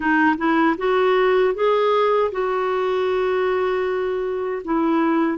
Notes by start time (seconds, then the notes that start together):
0.00 D#4
0.37 E4
0.77 F#4
1.54 G#4
2.31 F#4
4.64 E4